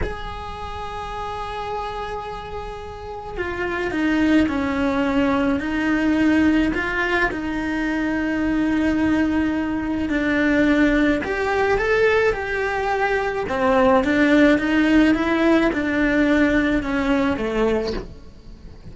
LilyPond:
\new Staff \with { instrumentName = "cello" } { \time 4/4 \tempo 4 = 107 gis'1~ | gis'2 f'4 dis'4 | cis'2 dis'2 | f'4 dis'2.~ |
dis'2 d'2 | g'4 a'4 g'2 | c'4 d'4 dis'4 e'4 | d'2 cis'4 a4 | }